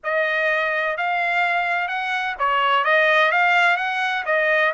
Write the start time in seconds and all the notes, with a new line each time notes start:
0.03 D#5
0.97 F5
1.88 F#5
2.38 C#5
2.84 D#5
3.31 F5
3.76 F#5
4.25 D#5